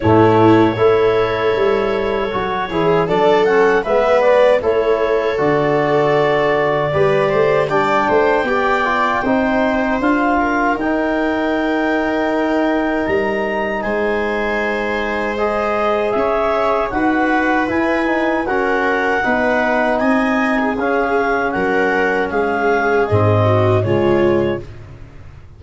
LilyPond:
<<
  \new Staff \with { instrumentName = "clarinet" } { \time 4/4 \tempo 4 = 78 cis''1 | d''8 fis''8 e''8 d''8 cis''4 d''4~ | d''2 g''2~ | g''4 f''4 g''2~ |
g''4 ais''4 gis''2 | dis''4 e''4 fis''4 gis''4 | fis''2 gis''4 f''4 | fis''4 f''4 dis''4 cis''4 | }
  \new Staff \with { instrumentName = "viola" } { \time 4/4 e'4 a'2~ a'8 gis'8 | a'4 b'4 a'2~ | a'4 b'8 c''8 d''8 c''8 d''4 | c''4. ais'2~ ais'8~ |
ais'2 c''2~ | c''4 cis''4 b'2 | ais'4 b'4 dis''8. gis'4~ gis'16 | ais'4 gis'4. fis'8 f'4 | }
  \new Staff \with { instrumentName = "trombone" } { \time 4/4 a4 e'2 fis'8 e'8 | d'8 cis'8 b4 e'4 fis'4~ | fis'4 g'4 d'4 g'8 f'8 | dis'4 f'4 dis'2~ |
dis'1 | gis'2 fis'4 e'8 dis'8 | cis'4 dis'2 cis'4~ | cis'2 c'4 gis4 | }
  \new Staff \with { instrumentName = "tuba" } { \time 4/4 a,4 a4 g4 fis8 e8 | fis4 gis4 a4 d4~ | d4 g8 a8 g8 a8 b4 | c'4 d'4 dis'2~ |
dis'4 g4 gis2~ | gis4 cis'4 dis'4 e'4 | fis'4 b4 c'4 cis'4 | fis4 gis4 gis,4 cis4 | }
>>